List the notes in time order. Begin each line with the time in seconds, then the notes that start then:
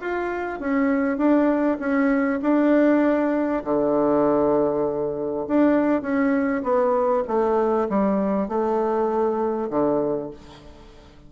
0.00 F4
0.60 C#4
1.17 D4
1.79 C#4
2.42 D4
3.64 D3
5.47 D4
6.02 C#4
6.63 B3
7.27 A3
7.89 G3
8.48 A3
9.69 D3